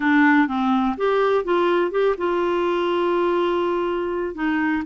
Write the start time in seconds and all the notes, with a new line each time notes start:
0.00 D4
0.47 C4
0.97 G4
1.44 F4
1.91 G4
2.17 F4
4.34 D#4